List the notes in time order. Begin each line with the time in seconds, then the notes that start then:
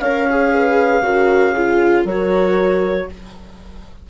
0.00 C#4 A#4 C#5 F5
0.30 G#4
0.54 B4
1.02 C#3 F#4 A#4
1.54 F4 G#4
2.04 F#3 F#4 A#4 C#5